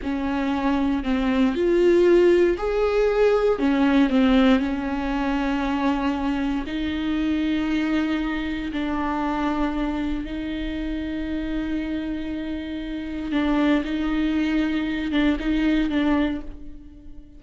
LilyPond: \new Staff \with { instrumentName = "viola" } { \time 4/4 \tempo 4 = 117 cis'2 c'4 f'4~ | f'4 gis'2 cis'4 | c'4 cis'2.~ | cis'4 dis'2.~ |
dis'4 d'2. | dis'1~ | dis'2 d'4 dis'4~ | dis'4. d'8 dis'4 d'4 | }